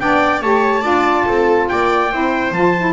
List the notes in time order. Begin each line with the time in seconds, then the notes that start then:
0.00 B3 D4 D5 G5
0.42 A3 G4 C#5 A5
0.82 D4 F4 D5
1.27 C4 A4
1.69 A#3 D5 G5
2.11 C4 E4 C5
2.52 F3 F4 A5
2.78 E4